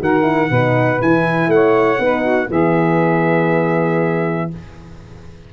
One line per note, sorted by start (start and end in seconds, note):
0.00 0.50 D#3
0.00 0.22 F#4
0.00 0.50 A#4
0.00 1.02 F#5
0.22 0.47 E4
0.50 1.00 B2
0.50 0.98 D#4
0.50 1.50 B4
0.98 1.48 E3
0.98 1.98 E4
0.98 1.50 G#5
1.48 1.98 A3
1.48 2.02 C#5
1.48 2.50 F#5
1.99 2.49 B3
1.99 2.49 D#4
1.99 2.22 B4
2.22 2.47 F#4
2.50 4.50 E3
2.50 4.53 B3
2.50 4.50 G#4
2.50 4.51 E5